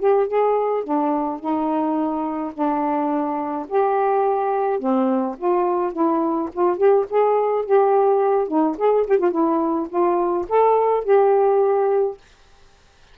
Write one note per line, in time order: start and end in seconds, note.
0.00 0.28 G4
0.28 0.84 G#4
0.84 1.40 D4
1.40 2.54 D#4
2.54 3.67 D4
3.69 4.80 G4
4.80 5.36 C4
5.38 5.93 F4
5.93 6.50 E4
6.53 6.78 F4
6.78 7.06 G4
7.11 7.66 G#4
7.66 8.48 G4
8.48 8.77 D#4
8.78 9.07 G#4
9.07 9.19 G4
9.19 9.32 F4
9.32 9.88 E4
9.90 10.46 F4
10.49 11.05 A4
11.05 12.18 G4